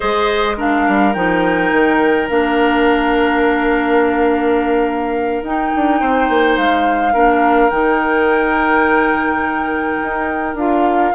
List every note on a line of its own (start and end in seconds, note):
0.00 0.88 G#3
0.00 0.55 G#4
0.00 0.56 C5
0.00 0.56 D#5
0.56 1.13 D4
0.56 6.00 A#4
0.56 1.13 F5
0.88 1.15 G3
1.13 1.72 F3
1.13 2.29 D#4
1.13 2.28 G5
1.72 2.29 D#3
2.29 5.42 A#3
2.29 5.43 D4
2.29 5.43 F5
5.42 5.70 D#4
5.42 7.13 D#4
5.42 6.56 G5
5.75 6.01 D4
6.00 6.29 C4
6.00 7.13 C5
6.29 6.57 A#3
6.56 7.14 G#3
6.56 7.70 F5
7.13 7.71 A#3
7.13 7.70 D4
7.13 11.13 A#4
7.70 10.00 D#3
7.70 10.56 D#4
7.70 10.55 G5
10.02 10.54 D#4
10.54 11.11 D4
10.54 11.14 F4
10.54 11.15 F5